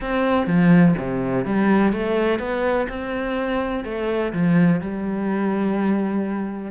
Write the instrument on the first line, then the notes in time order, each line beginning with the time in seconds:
cello
0.00 C4
0.46 F3
0.98 C3
1.45 G3
1.92 A3
2.39 B3
2.88 C4
3.84 A3
4.32 F3
4.80 G3